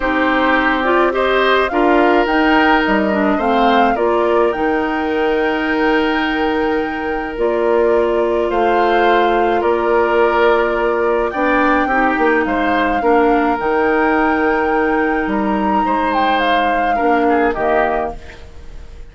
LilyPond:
<<
  \new Staff \with { instrumentName = "flute" } { \time 4/4 \tempo 4 = 106 c''4. d''8 dis''4 f''4 | g''4 dis''4 f''4 d''4 | g''1~ | g''4 d''2 f''4~ |
f''4 d''2. | g''2 f''2 | g''2. ais''4~ | ais''8 g''8 f''2 dis''4 | }
  \new Staff \with { instrumentName = "oboe" } { \time 4/4 g'2 c''4 ais'4~ | ais'2 c''4 ais'4~ | ais'1~ | ais'2. c''4~ |
c''4 ais'2. | d''4 g'4 c''4 ais'4~ | ais'1 | c''2 ais'8 gis'8 g'4 | }
  \new Staff \with { instrumentName = "clarinet" } { \time 4/4 dis'4. f'8 g'4 f'4 | dis'4. d'8 c'4 f'4 | dis'1~ | dis'4 f'2.~ |
f'1 | d'4 dis'2 d'4 | dis'1~ | dis'2 d'4 ais4 | }
  \new Staff \with { instrumentName = "bassoon" } { \time 4/4 c'2. d'4 | dis'4 g4 a4 ais4 | dis1~ | dis4 ais2 a4~ |
a4 ais2. | b4 c'8 ais8 gis4 ais4 | dis2. g4 | gis2 ais4 dis4 | }
>>